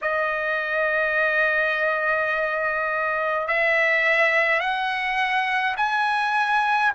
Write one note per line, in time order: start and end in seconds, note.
0.01 3.47 D#5
3.47 4.59 E5
4.59 5.75 F#5
5.76 6.92 G#5